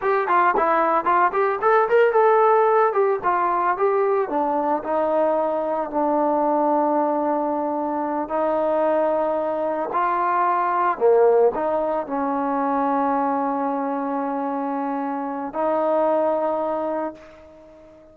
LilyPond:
\new Staff \with { instrumentName = "trombone" } { \time 4/4 \tempo 4 = 112 g'8 f'8 e'4 f'8 g'8 a'8 ais'8 | a'4. g'8 f'4 g'4 | d'4 dis'2 d'4~ | d'2.~ d'8 dis'8~ |
dis'2~ dis'8 f'4.~ | f'8 ais4 dis'4 cis'4.~ | cis'1~ | cis'4 dis'2. | }